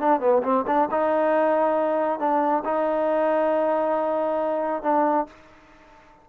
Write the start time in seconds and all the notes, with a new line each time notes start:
0.00 D4
0.20 B3
0.43 C4
0.67 D4
0.91 D#4
2.20 D4
2.65 D#4
4.83 D4